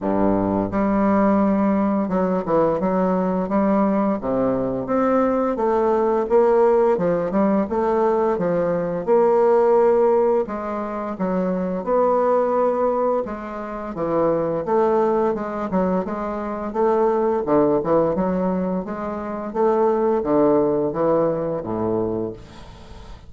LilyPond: \new Staff \with { instrumentName = "bassoon" } { \time 4/4 \tempo 4 = 86 g,4 g2 fis8 e8 | fis4 g4 c4 c'4 | a4 ais4 f8 g8 a4 | f4 ais2 gis4 |
fis4 b2 gis4 | e4 a4 gis8 fis8 gis4 | a4 d8 e8 fis4 gis4 | a4 d4 e4 a,4 | }